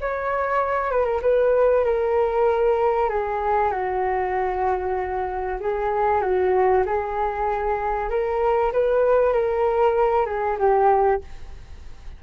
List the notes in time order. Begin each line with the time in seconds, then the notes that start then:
0.00 C#5
0.91 B4
1.05 A#4
1.22 B4
1.84 A#4
3.09 G#4
3.71 F#4
5.60 G#4
6.21 F#4
6.86 G#4
8.09 A#4
8.72 B4
9.32 A#4
10.26 G#4
10.58 G4